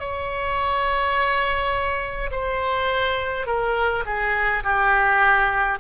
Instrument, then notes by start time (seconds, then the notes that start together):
oboe
0.00 C#5
2.32 C5
3.47 A#4
4.05 G#4
4.64 G4